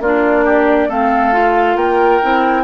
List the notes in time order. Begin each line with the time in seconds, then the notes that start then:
0.00 A#3 D4 F4 D5
0.45 G4
0.88 A3 C4 A4 F5
1.33 F4
1.76 A#3 A#4 G5
2.23 C4 E4